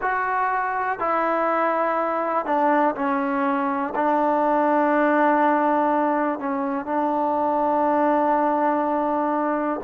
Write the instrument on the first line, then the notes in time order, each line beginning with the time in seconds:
trombone
0.01 F#4
0.99 E4
2.45 D4
2.95 C#4
3.95 D4
6.39 C#4
6.85 D4